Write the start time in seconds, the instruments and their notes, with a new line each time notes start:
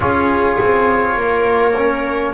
0.00 double bass C#4, trombone F4, viola G#4, trumpet C#5
0.61 double bass C4
1.16 double bass A#3, viola A#4
1.76 trombone C#4